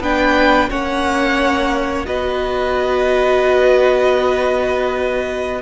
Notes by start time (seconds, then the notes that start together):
0.00 B3 D4 B4 G5
0.70 A#3 C#4 C#5 F#5
2.06 B3 F#4 B4 D#5